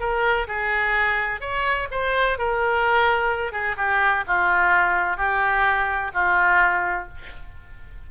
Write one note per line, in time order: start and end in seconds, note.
0.00 0.47 A#4
0.48 1.41 G#4
1.41 1.88 C#5
1.91 2.38 C5
2.38 3.53 A#4
3.53 3.76 G#4
3.78 4.25 G4
4.27 5.17 F4
5.17 6.12 G4
6.14 7.08 F4